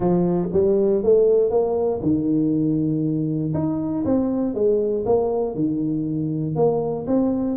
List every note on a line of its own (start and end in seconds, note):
0.00 0.49 F3
0.52 1.03 G3
1.03 1.50 A3
1.50 2.00 A#3
2.02 3.53 D#3
3.53 4.04 D#4
4.05 4.54 C4
4.54 5.04 G#3
5.05 5.54 A#3
5.54 6.55 D#3
6.55 7.06 A#3
7.06 7.57 C4